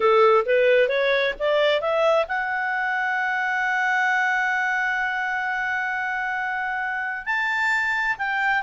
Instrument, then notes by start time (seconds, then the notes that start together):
clarinet
0.00 A4
0.45 B4
0.88 C#5
1.39 D5
1.80 E5
2.27 F#5
7.25 A5
8.18 G5